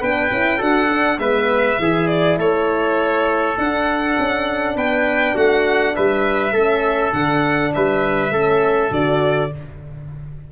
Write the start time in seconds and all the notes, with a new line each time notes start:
0.00 B3 D4 B4 G5
0.31 C#4 E4
0.57 D4 F#4 A4 F#5
0.89 D4
1.18 G#3 B3 B4 E5
1.79 E3 E4 G#4
2.07 D5
2.37 A3 A4 C#5
3.57 D4 F#5
4.18 C#4
4.75 B3 B4 G5
5.34 A3 F#4 F#5
5.95 G3 B4 E5
6.52 A3 C#4 A4
7.12 D3 D4 F#5
7.74 G3 B4 E5
8.31 A3 C#4 A4
8.91 D3 F#4 D5